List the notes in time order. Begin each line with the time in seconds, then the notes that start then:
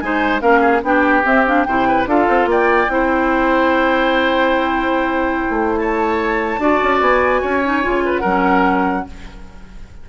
0.00 G#3 D#4 C5 G#5
0.40 A#3 C#4 A#4 F5
0.61 G#4
0.83 B3 D4 G4 G5
1.23 C4 E5
1.46 D4 F5
1.64 C3 E4 C5 G5
1.88 B4
2.07 D4 F4 A4 F5
2.29 C4
2.46 A#3 D5 G5
2.89 C4 E4 C5
5.50 A3
5.77 C#5 A5
6.58 D4 F#4 D5
6.83 C#4
7.01 B3 G#5
7.42 C#4 C#5
7.64 D#4
7.83 C#3 F4
8.05 B4
8.17 A#4 F#5
8.24 F#3 C#4